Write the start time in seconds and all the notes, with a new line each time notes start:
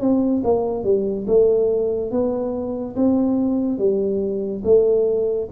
0.00 C4
0.44 A#3
0.84 G3
1.27 A3
2.11 B3
2.96 C4
3.78 G3
4.64 A3